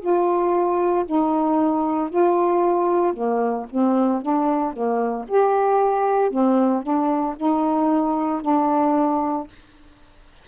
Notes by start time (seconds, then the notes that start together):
0.00 F4
1.06 D#4
2.10 F4
3.13 A#3
3.70 C4
4.22 D4
4.73 A#3
5.28 G4
6.31 C4
6.83 D4
7.36 D#4
8.42 D4